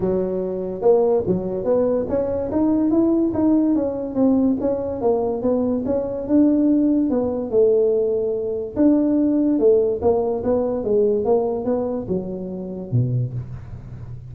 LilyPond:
\new Staff \with { instrumentName = "tuba" } { \time 4/4 \tempo 4 = 144 fis2 ais4 fis4 | b4 cis'4 dis'4 e'4 | dis'4 cis'4 c'4 cis'4 | ais4 b4 cis'4 d'4~ |
d'4 b4 a2~ | a4 d'2 a4 | ais4 b4 gis4 ais4 | b4 fis2 b,4 | }